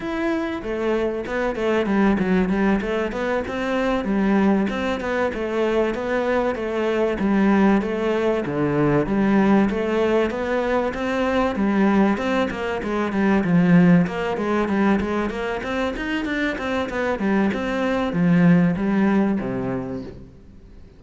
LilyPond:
\new Staff \with { instrumentName = "cello" } { \time 4/4 \tempo 4 = 96 e'4 a4 b8 a8 g8 fis8 | g8 a8 b8 c'4 g4 c'8 | b8 a4 b4 a4 g8~ | g8 a4 d4 g4 a8~ |
a8 b4 c'4 g4 c'8 | ais8 gis8 g8 f4 ais8 gis8 g8 | gis8 ais8 c'8 dis'8 d'8 c'8 b8 g8 | c'4 f4 g4 c4 | }